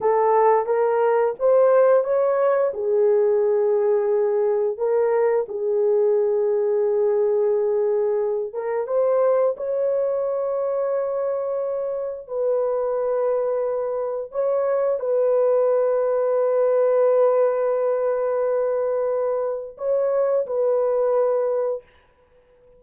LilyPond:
\new Staff \with { instrumentName = "horn" } { \time 4/4 \tempo 4 = 88 a'4 ais'4 c''4 cis''4 | gis'2. ais'4 | gis'1~ | gis'8 ais'8 c''4 cis''2~ |
cis''2 b'2~ | b'4 cis''4 b'2~ | b'1~ | b'4 cis''4 b'2 | }